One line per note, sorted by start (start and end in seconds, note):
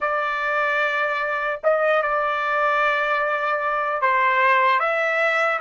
0.00 1.60 D5
1.63 2.02 D#5
2.02 4.01 D5
4.01 4.79 C5
4.79 5.59 E5